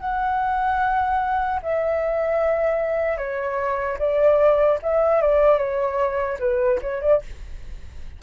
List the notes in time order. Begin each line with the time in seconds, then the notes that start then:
0.00 F#5
1.63 E5
3.17 C#5
3.99 D5
4.83 E5
5.21 D5
5.58 C#5
6.39 B4
6.81 C#5
7.02 D5